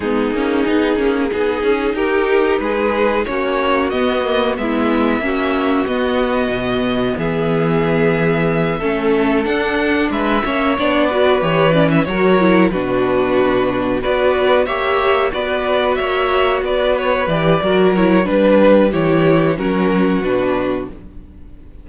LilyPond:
<<
  \new Staff \with { instrumentName = "violin" } { \time 4/4 \tempo 4 = 92 gis'2. ais'4 | b'4 cis''4 dis''4 e''4~ | e''4 dis''2 e''4~ | e''2~ e''8 fis''4 e''8~ |
e''8 d''4 cis''8 d''16 e''16 cis''4 b'8~ | b'4. d''4 e''4 d''8~ | d''8 e''4 d''8 cis''8 d''4 cis''8 | b'4 cis''4 ais'4 b'4 | }
  \new Staff \with { instrumentName = "violin" } { \time 4/4 dis'2 gis'4 g'4 | gis'4 fis'2 e'4 | fis'2. gis'4~ | gis'4. a'2 b'8 |
cis''4 b'4. ais'4 fis'8~ | fis'4. b'4 cis''4 b'8~ | b'8 cis''4 b'4. ais'4 | b'4 g'4 fis'2 | }
  \new Staff \with { instrumentName = "viola" } { \time 4/4 b8 cis'8 dis'8 cis'8 dis'2~ | dis'4 cis'4 b8 ais8 b4 | cis'4 b2.~ | b4. cis'4 d'4. |
cis'8 d'8 fis'8 g'8 cis'8 fis'8 e'8 d'8~ | d'4. fis'4 g'4 fis'8~ | fis'2~ fis'8 g'8 fis'8 e'8 | d'4 e'4 cis'4 d'4 | }
  \new Staff \with { instrumentName = "cello" } { \time 4/4 gis8 ais8 b8 ais8 b8 cis'8 dis'4 | gis4 ais4 b4 gis4 | ais4 b4 b,4 e4~ | e4. a4 d'4 gis8 |
ais8 b4 e4 fis4 b,8~ | b,4. b4 ais4 b8~ | b8 ais4 b4 e8 fis4 | g4 e4 fis4 b,4 | }
>>